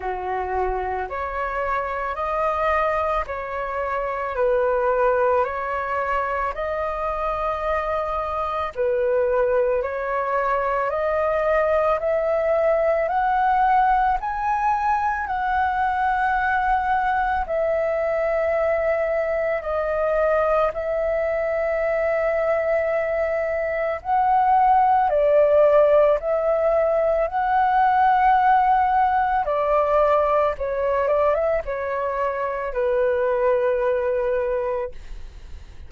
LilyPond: \new Staff \with { instrumentName = "flute" } { \time 4/4 \tempo 4 = 55 fis'4 cis''4 dis''4 cis''4 | b'4 cis''4 dis''2 | b'4 cis''4 dis''4 e''4 | fis''4 gis''4 fis''2 |
e''2 dis''4 e''4~ | e''2 fis''4 d''4 | e''4 fis''2 d''4 | cis''8 d''16 e''16 cis''4 b'2 | }